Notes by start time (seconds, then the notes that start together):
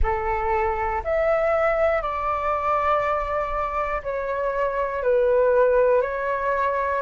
0.03 A4
1.04 E5
2.01 D5
4.03 C#5
5.02 B4
6.01 C#5